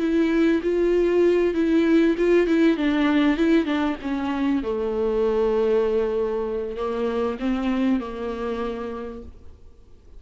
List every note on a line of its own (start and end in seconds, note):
0.00 0.61 E4
0.63 1.54 F4
1.54 2.16 E4
2.18 2.47 F4
2.47 2.77 E4
2.77 3.37 D4
3.37 3.66 E4
3.66 3.96 D4
4.02 4.63 C#4
4.63 6.77 A3
6.77 7.38 A#3
7.40 8.00 C4
8.00 9.23 A#3